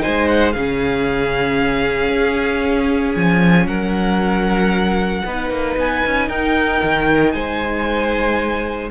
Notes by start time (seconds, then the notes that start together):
0.00 D#4 C5 G#5
0.07 G#3
0.28 F#5
0.52 C#3 C#4 G#4 F5
2.09 C#4
3.15 F3 G#5
3.66 F#3 A#4 F#5
5.25 B3 D#4 B4
5.50 A#3
5.76 B3 G#5
6.06 C#4
6.29 D#4 A#4 G5
6.83 D#3
7.32 G#3 C5 G#5